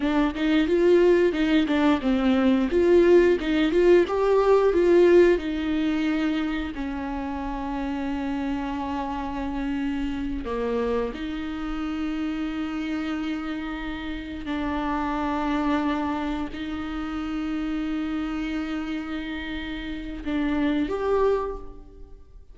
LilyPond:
\new Staff \with { instrumentName = "viola" } { \time 4/4 \tempo 4 = 89 d'8 dis'8 f'4 dis'8 d'8 c'4 | f'4 dis'8 f'8 g'4 f'4 | dis'2 cis'2~ | cis'2.~ cis'8 ais8~ |
ais8 dis'2.~ dis'8~ | dis'4. d'2~ d'8~ | d'8 dis'2.~ dis'8~ | dis'2 d'4 g'4 | }